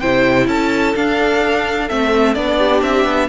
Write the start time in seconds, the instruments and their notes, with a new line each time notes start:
0.00 cello C3, viola E4, violin C5 G5
0.47 cello C#4, violin A4 A5
0.95 viola D4, cello D4, violin F5
1.88 cello A3, viola C4, violin E5
2.34 cello B3, viola D4, violin D5
2.57 violin G4
2.82 cello C4, violin E5
3.05 cello B3